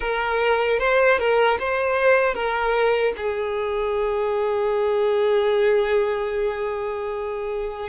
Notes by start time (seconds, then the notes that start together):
0.00 A#4
0.79 C5
1.18 A#4
1.59 C5
2.34 A#4
3.17 G#4